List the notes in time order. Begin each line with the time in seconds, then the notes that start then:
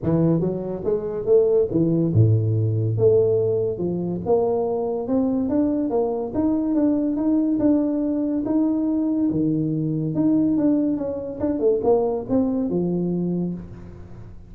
0.02 E3
0.40 F#3
0.84 G#3
1.25 A3
1.71 E3
2.13 A2
2.97 A3
3.78 F3
4.25 A#3
5.07 C4
5.49 D4
5.90 A#3
6.34 D#4
6.75 D4
7.16 D#4
7.59 D4
8.45 D#4
9.31 D#3
10.14 D#4
10.57 D4
10.97 C#4
11.40 D4
11.59 A3
11.83 A#3
12.29 C4
12.69 F3